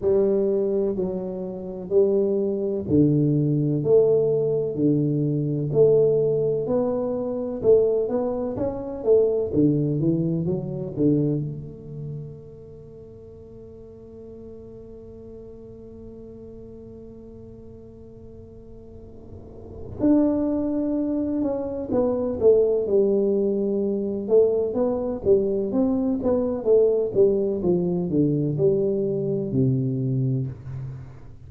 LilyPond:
\new Staff \with { instrumentName = "tuba" } { \time 4/4 \tempo 4 = 63 g4 fis4 g4 d4 | a4 d4 a4 b4 | a8 b8 cis'8 a8 d8 e8 fis8 d8 | a1~ |
a1~ | a4 d'4. cis'8 b8 a8 | g4. a8 b8 g8 c'8 b8 | a8 g8 f8 d8 g4 c4 | }